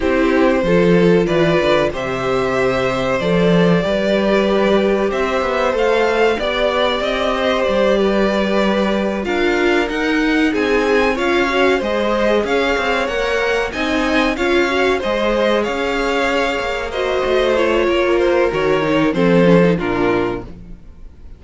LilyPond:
<<
  \new Staff \with { instrumentName = "violin" } { \time 4/4 \tempo 4 = 94 c''2 d''4 e''4~ | e''4 d''2. | e''4 f''4 d''4 dis''4 | d''2~ d''8 f''4 fis''8~ |
fis''8 gis''4 f''4 dis''4 f''8~ | f''8 fis''4 gis''4 f''4 dis''8~ | dis''8 f''2 dis''4 cis''8~ | cis''8 c''8 cis''4 c''4 ais'4 | }
  \new Staff \with { instrumentName = "violin" } { \time 4/4 g'4 a'4 b'4 c''4~ | c''2 b'2 | c''2 d''4. c''8~ | c''8 b'2 ais'4.~ |
ais'8 gis'4 cis''4 c''4 cis''8~ | cis''4. dis''4 cis''4 c''8~ | c''8 cis''2 c''4. | ais'2 a'4 f'4 | }
  \new Staff \with { instrumentName = "viola" } { \time 4/4 e'4 f'2 g'4~ | g'4 a'4 g'2~ | g'4 a'4 g'2~ | g'2~ g'8 f'4 dis'8~ |
dis'4. f'8 fis'8 gis'4.~ | gis'8 ais'4 dis'4 f'8 fis'8 gis'8~ | gis'2~ gis'8 fis'4 f'8~ | f'4 fis'8 dis'8 c'8 cis'16 dis'16 d'4 | }
  \new Staff \with { instrumentName = "cello" } { \time 4/4 c'4 f4 e8 d8 c4~ | c4 f4 g2 | c'8 b8 a4 b4 c'4 | g2~ g8 d'4 dis'8~ |
dis'8 c'4 cis'4 gis4 cis'8 | c'8 ais4 c'4 cis'4 gis8~ | gis8 cis'4. ais4 a4 | ais4 dis4 f4 ais,4 | }
>>